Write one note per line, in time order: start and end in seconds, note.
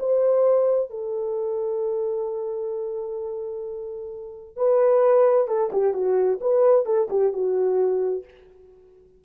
0.00 0.90 C5
0.90 4.57 A4
4.57 5.48 B4
5.48 5.71 A4
5.73 5.94 G4
5.94 6.40 F#4
6.41 6.86 B4
6.86 7.09 A4
7.11 7.33 G4
7.33 8.25 F#4